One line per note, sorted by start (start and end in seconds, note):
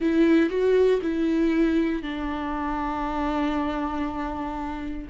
0.00 0.49 E4
0.49 1.00 F#4
1.01 2.02 E4
2.02 5.07 D4